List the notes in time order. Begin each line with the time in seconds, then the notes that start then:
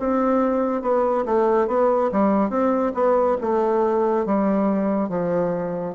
0.00 C4
0.82 B3
1.26 A3
1.68 B3
2.12 G3
2.50 C4
2.95 B3
3.42 A3
4.27 G3
5.10 F3